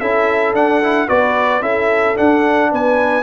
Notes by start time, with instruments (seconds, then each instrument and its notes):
0.00 tuba C#4, trombone E4, horn A4, trumpet E5
0.53 tuba D4, trombone D4, trumpet F#5
0.83 trombone E4
1.08 tuba B3, trombone F#4, horn B4, trumpet D5
1.61 tuba C#4, trombone E4, horn A4, trumpet E5
2.15 trombone D4, tuba D4, trumpet F#5
2.71 tuba B3, horn B4, trumpet G#5